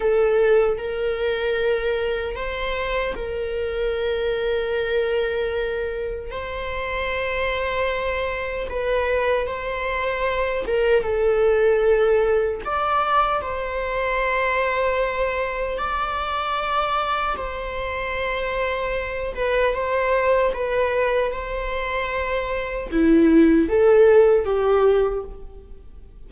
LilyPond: \new Staff \with { instrumentName = "viola" } { \time 4/4 \tempo 4 = 76 a'4 ais'2 c''4 | ais'1 | c''2. b'4 | c''4. ais'8 a'2 |
d''4 c''2. | d''2 c''2~ | c''8 b'8 c''4 b'4 c''4~ | c''4 e'4 a'4 g'4 | }